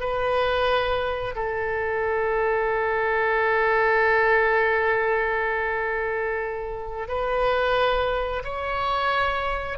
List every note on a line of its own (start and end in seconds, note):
0.00 1.35 B4
1.35 7.08 A4
7.08 8.43 B4
8.44 9.78 C#5